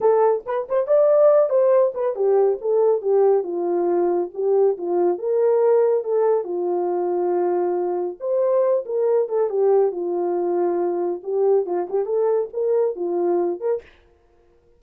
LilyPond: \new Staff \with { instrumentName = "horn" } { \time 4/4 \tempo 4 = 139 a'4 b'8 c''8 d''4. c''8~ | c''8 b'8 g'4 a'4 g'4 | f'2 g'4 f'4 | ais'2 a'4 f'4~ |
f'2. c''4~ | c''8 ais'4 a'8 g'4 f'4~ | f'2 g'4 f'8 g'8 | a'4 ais'4 f'4. ais'8 | }